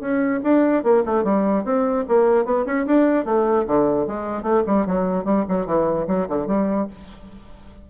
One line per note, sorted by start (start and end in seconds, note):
0.00 0.40 C#4
0.43 0.83 D4
0.83 1.03 A#3
1.05 1.24 A3
1.24 1.64 G3
1.64 2.04 C4
2.08 2.45 A#3
2.45 2.65 B3
2.66 2.86 C#4
2.86 3.25 D4
3.25 3.65 A3
3.67 4.07 D3
4.07 4.42 G#3
4.42 4.62 A3
4.67 4.86 G3
4.86 5.24 F#3
5.24 5.45 G3
5.48 5.66 F#3
5.66 6.06 E3
6.07 6.27 F#3
6.28 6.47 D3
6.47 6.87 G3